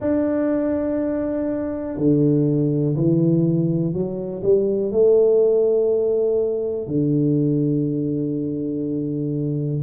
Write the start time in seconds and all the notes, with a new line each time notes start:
0.00 D4
1.97 D3
2.96 E3
3.93 F#3
4.42 G3
4.91 A3
6.87 D3